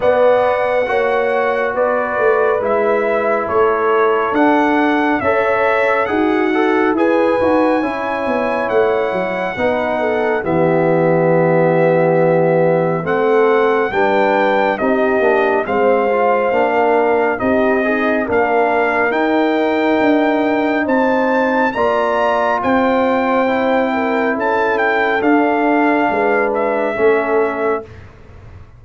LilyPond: <<
  \new Staff \with { instrumentName = "trumpet" } { \time 4/4 \tempo 4 = 69 fis''2 d''4 e''4 | cis''4 fis''4 e''4 fis''4 | gis''2 fis''2 | e''2. fis''4 |
g''4 dis''4 f''2 | dis''4 f''4 g''2 | a''4 ais''4 g''2 | a''8 g''8 f''4. e''4. | }
  \new Staff \with { instrumentName = "horn" } { \time 4/4 d''4 cis''4 b'2 | a'2 cis''4 fis'4 | b'4 cis''2 b'8 a'8 | g'2. a'4 |
b'4 g'4 c''4~ c''16 ais'8. | g'8 dis'8 ais'2. | c''4 d''4 c''4. ais'8 | a'2 b'4 a'4 | }
  \new Staff \with { instrumentName = "trombone" } { \time 4/4 b4 fis'2 e'4~ | e'4 d'4 a'4 gis'8 a'8 | gis'8 fis'8 e'2 dis'4 | b2. c'4 |
d'4 dis'8 d'8 c'8 f'8 d'4 | dis'8 gis'8 d'4 dis'2~ | dis'4 f'2 e'4~ | e'4 d'2 cis'4 | }
  \new Staff \with { instrumentName = "tuba" } { \time 4/4 b4 ais4 b8 a8 gis4 | a4 d'4 cis'4 dis'4 | e'8 dis'8 cis'8 b8 a8 fis8 b4 | e2. a4 |
g4 c'8 ais8 gis4 ais4 | c'4 ais4 dis'4 d'4 | c'4 ais4 c'2 | cis'4 d'4 gis4 a4 | }
>>